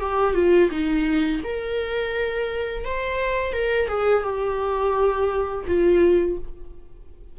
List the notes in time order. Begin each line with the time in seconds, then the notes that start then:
0.00 G4
0.34 F4
0.71 D#4
1.44 A#4
2.85 C5
3.53 A#4
3.88 G#4
4.23 G4
5.68 F4